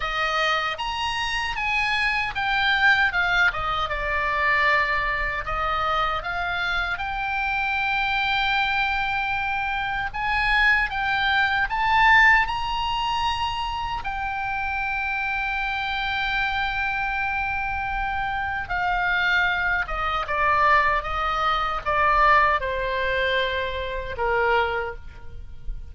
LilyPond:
\new Staff \with { instrumentName = "oboe" } { \time 4/4 \tempo 4 = 77 dis''4 ais''4 gis''4 g''4 | f''8 dis''8 d''2 dis''4 | f''4 g''2.~ | g''4 gis''4 g''4 a''4 |
ais''2 g''2~ | g''1 | f''4. dis''8 d''4 dis''4 | d''4 c''2 ais'4 | }